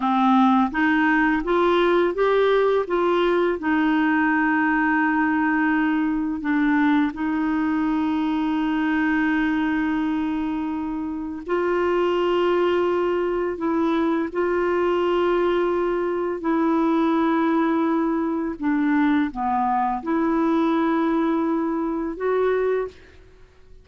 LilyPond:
\new Staff \with { instrumentName = "clarinet" } { \time 4/4 \tempo 4 = 84 c'4 dis'4 f'4 g'4 | f'4 dis'2.~ | dis'4 d'4 dis'2~ | dis'1 |
f'2. e'4 | f'2. e'4~ | e'2 d'4 b4 | e'2. fis'4 | }